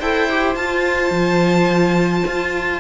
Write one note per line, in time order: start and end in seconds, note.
0.00 0.56 E4
0.00 0.30 A4
0.00 2.81 C5
0.00 0.56 G5
0.30 0.57 G4
0.56 1.11 F4
0.56 2.81 F4
0.56 2.81 A5
1.11 2.24 F3
2.27 2.81 F4